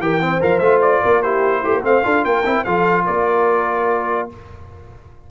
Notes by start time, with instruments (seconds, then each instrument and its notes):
0.00 tuba E3, trombone G4, horn A#4, trumpet G5
0.21 trombone C4, horn C5
0.41 tuba F3, trombone A#4, trumpet F5
0.59 tuba A3, trombone F4, trumpet E5
0.82 trumpet D5
1.03 tuba A#3, horn A#4
1.22 trombone E4, horn G4, trumpet C5
1.62 tuba A3, horn E4, trombone G4
1.74 tuba A#3
1.83 tuba A3, trombone C4, horn C5, trumpet F5
2.03 tuba D4, trombone F4, horn A4
2.25 tuba A#3, horn A#4, trumpet G5
2.46 tuba C4, trombone E4
2.64 tuba F3, trombone F4, horn A4, trumpet F5
3.05 tuba A#3, horn A#4, trumpet D5